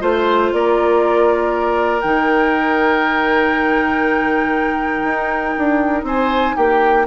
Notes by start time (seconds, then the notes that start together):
0.00 A3 F4 C5
0.53 A#3 A#4 D5
2.01 D#3 D#4 G5
5.04 D#4
5.59 D4
6.03 C4 C5 G#5
6.56 A#3 G4 G5